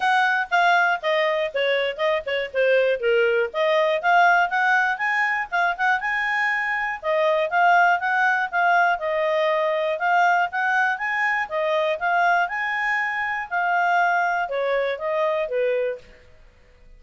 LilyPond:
\new Staff \with { instrumentName = "clarinet" } { \time 4/4 \tempo 4 = 120 fis''4 f''4 dis''4 cis''4 | dis''8 cis''8 c''4 ais'4 dis''4 | f''4 fis''4 gis''4 f''8 fis''8 | gis''2 dis''4 f''4 |
fis''4 f''4 dis''2 | f''4 fis''4 gis''4 dis''4 | f''4 gis''2 f''4~ | f''4 cis''4 dis''4 b'4 | }